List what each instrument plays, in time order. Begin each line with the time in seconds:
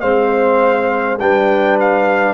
0.00 tuba G#3, trombone C4, horn C5, trumpet F5
1.19 tuba G3, trombone D4, horn B4, trumpet G5
1.80 trumpet F5